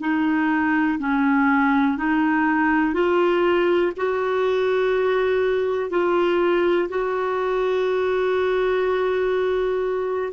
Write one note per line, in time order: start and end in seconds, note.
0.00 0.98 D#4
0.99 1.97 C#4
1.98 2.94 D#4
2.94 3.92 F4
3.97 5.90 F#4
5.90 6.89 F4
6.89 10.33 F#4